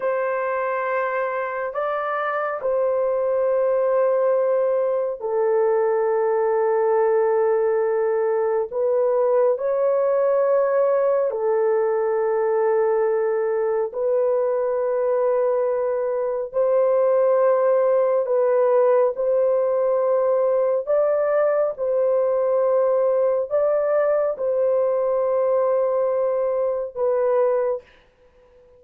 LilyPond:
\new Staff \with { instrumentName = "horn" } { \time 4/4 \tempo 4 = 69 c''2 d''4 c''4~ | c''2 a'2~ | a'2 b'4 cis''4~ | cis''4 a'2. |
b'2. c''4~ | c''4 b'4 c''2 | d''4 c''2 d''4 | c''2. b'4 | }